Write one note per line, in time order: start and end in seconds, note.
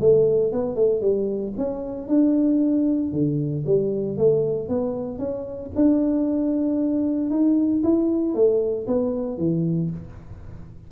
0.00 0.52 A3
0.52 0.75 B3
0.75 1.01 A3
1.01 1.53 G3
1.57 2.08 C#4
2.08 3.12 D4
3.12 3.64 D3
3.66 4.17 G3
4.17 4.68 A3
4.68 5.19 B3
5.19 5.71 C#4
5.75 7.30 D4
7.30 7.82 D#4
7.83 8.34 E4
8.34 8.86 A3
8.87 9.38 B3
9.38 9.90 E3